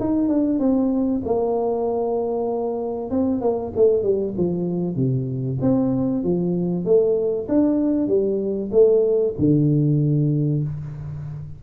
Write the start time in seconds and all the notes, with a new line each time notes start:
0.00 D#4
0.28 D4
0.59 C4
1.25 A#3
3.10 C4
3.41 A#3
3.76 A3
4.03 G3
4.37 F3
4.95 C3
5.61 C4
6.23 F3
6.85 A3
7.48 D4
8.07 G3
8.71 A3
9.38 D3